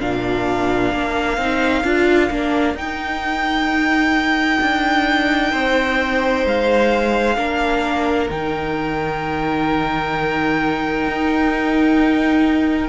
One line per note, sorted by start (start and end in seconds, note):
0.00 0.92 A#2
0.00 1.39 D4
0.00 5.52 A#4
0.00 2.77 F5
0.92 1.38 A#3
1.38 1.84 C4
1.38 1.84 D#4
1.84 2.30 D4
1.84 2.30 F4
2.30 2.74 A#3
2.30 2.76 D4
2.74 4.59 D#4
2.74 7.37 D#4
2.74 6.46 G5
4.61 5.53 D4
5.52 6.46 C4
5.52 7.37 C5
6.46 7.37 G#3
6.46 8.30 F5
7.37 8.30 A#3
7.37 8.29 D4
7.37 12.89 A#4
8.30 11.07 D#3
8.30 12.89 D#4
8.30 12.89 G5
11.07 12.89 D#4